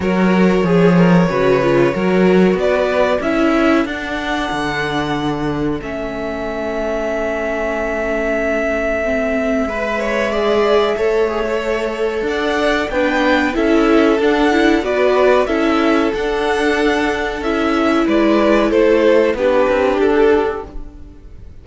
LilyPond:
<<
  \new Staff \with { instrumentName = "violin" } { \time 4/4 \tempo 4 = 93 cis''1 | d''4 e''4 fis''2~ | fis''4 e''2.~ | e''1~ |
e''2. fis''4 | g''4 e''4 fis''4 d''4 | e''4 fis''2 e''4 | d''4 c''4 b'4 a'4 | }
  \new Staff \with { instrumentName = "violin" } { \time 4/4 ais'4 gis'8 ais'8 b'4 ais'4 | b'4 a'2.~ | a'1~ | a'2. b'8 cis''8 |
d''4 cis''2 d''4 | b'4 a'2 b'4 | a'1 | b'4 a'4 g'2 | }
  \new Staff \with { instrumentName = "viola" } { \time 4/4 fis'4 gis'4 fis'8 f'8 fis'4~ | fis'4 e'4 d'2~ | d'4 cis'2.~ | cis'2 c'4 b'4 |
gis'4 a'8 gis'16 a'2~ a'16 | d'4 e'4 d'8 e'8 fis'4 | e'4 d'2 e'4~ | e'2 d'2 | }
  \new Staff \with { instrumentName = "cello" } { \time 4/4 fis4 f4 cis4 fis4 | b4 cis'4 d'4 d4~ | d4 a2.~ | a2. gis4~ |
gis4 a2 d'4 | b4 cis'4 d'4 b4 | cis'4 d'2 cis'4 | gis4 a4 b8 c'8 d'4 | }
>>